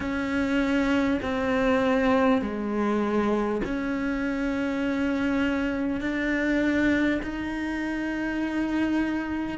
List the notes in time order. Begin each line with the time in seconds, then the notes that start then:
0.00 C#4
1.22 C4
2.41 G#3
3.64 C#4
6.01 D4
7.23 D#4